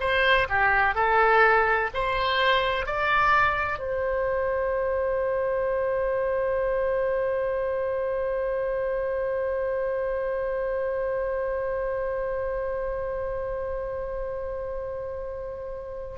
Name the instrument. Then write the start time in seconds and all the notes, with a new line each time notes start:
oboe
0.00 C5
0.49 G4
0.95 A4
1.94 C5
2.86 D5
3.79 C5